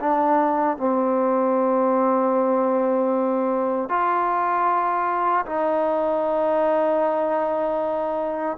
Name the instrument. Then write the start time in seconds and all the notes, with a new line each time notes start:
trombone
0.00 D4
0.78 C4
3.89 F4
5.45 D#4